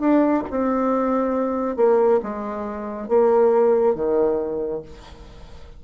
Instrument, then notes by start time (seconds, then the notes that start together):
bassoon
0.00 D4
0.51 C4
1.77 A#3
2.23 G#3
3.09 A#3
3.95 D#3